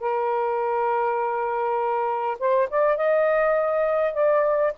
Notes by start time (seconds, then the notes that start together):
0.00 A#4
2.39 C5
2.70 D5
2.97 D#5
4.13 D5